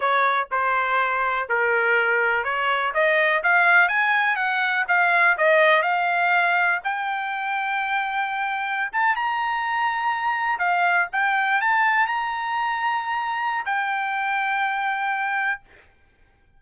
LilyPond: \new Staff \with { instrumentName = "trumpet" } { \time 4/4 \tempo 4 = 123 cis''4 c''2 ais'4~ | ais'4 cis''4 dis''4 f''4 | gis''4 fis''4 f''4 dis''4 | f''2 g''2~ |
g''2~ g''16 a''8 ais''4~ ais''16~ | ais''4.~ ais''16 f''4 g''4 a''16~ | a''8. ais''2.~ ais''16 | g''1 | }